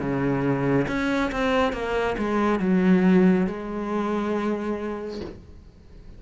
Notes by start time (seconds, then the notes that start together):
0.00 C#3
0.88 C#4
1.32 C4
1.73 A#3
2.18 G#3
2.60 F#3
3.47 G#3